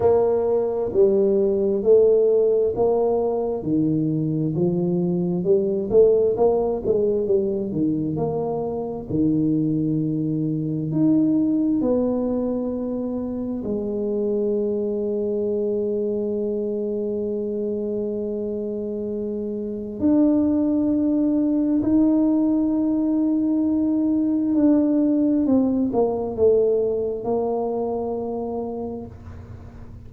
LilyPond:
\new Staff \with { instrumentName = "tuba" } { \time 4/4 \tempo 4 = 66 ais4 g4 a4 ais4 | dis4 f4 g8 a8 ais8 gis8 | g8 dis8 ais4 dis2 | dis'4 b2 gis4~ |
gis1~ | gis2 d'2 | dis'2. d'4 | c'8 ais8 a4 ais2 | }